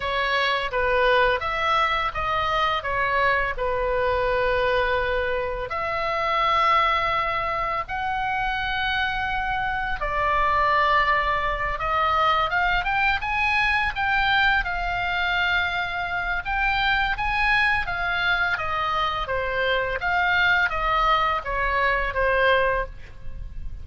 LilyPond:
\new Staff \with { instrumentName = "oboe" } { \time 4/4 \tempo 4 = 84 cis''4 b'4 e''4 dis''4 | cis''4 b'2. | e''2. fis''4~ | fis''2 d''2~ |
d''8 dis''4 f''8 g''8 gis''4 g''8~ | g''8 f''2~ f''8 g''4 | gis''4 f''4 dis''4 c''4 | f''4 dis''4 cis''4 c''4 | }